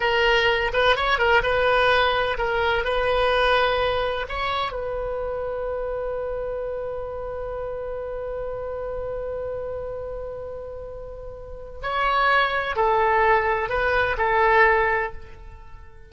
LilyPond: \new Staff \with { instrumentName = "oboe" } { \time 4/4 \tempo 4 = 127 ais'4. b'8 cis''8 ais'8 b'4~ | b'4 ais'4 b'2~ | b'4 cis''4 b'2~ | b'1~ |
b'1~ | b'1~ | b'4 cis''2 a'4~ | a'4 b'4 a'2 | }